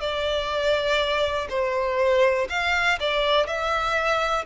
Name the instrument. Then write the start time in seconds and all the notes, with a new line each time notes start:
violin
0.00 D5
1.49 C5
2.49 F5
3.00 D5
3.46 E5